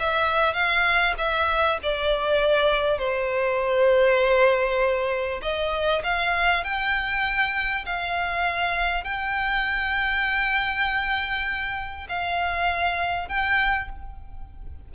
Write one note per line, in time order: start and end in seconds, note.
0.00 0.54 E5
0.54 1.15 F5
1.18 1.79 E5
1.83 2.99 D5
2.99 5.41 C5
5.42 6.03 D#5
6.04 6.64 F5
6.64 7.86 G5
7.86 9.05 F5
9.05 12.08 G5
12.09 13.29 F5
13.29 13.89 G5